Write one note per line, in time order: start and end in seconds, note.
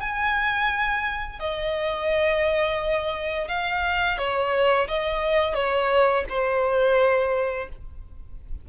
0.00 1.40 G#5
1.40 3.48 D#5
3.48 4.18 F5
4.18 4.88 C#5
4.88 5.54 D#5
5.54 6.24 C#5
6.29 7.69 C5